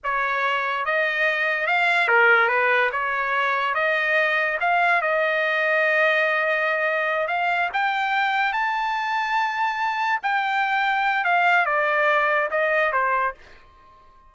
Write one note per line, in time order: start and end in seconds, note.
0.03 0.85 C#5
0.85 1.66 D#5
1.66 2.07 F5
2.07 2.48 A#4
2.48 2.90 B4
2.92 3.74 C#5
3.74 4.57 D#5
4.60 5.01 F5
5.01 7.27 D#5
7.27 7.69 F5
7.73 8.52 G5
8.52 10.19 A5
10.23 11.24 G5
11.24 11.65 F5
11.65 12.48 D5
12.51 12.92 D#5
12.92 13.34 C5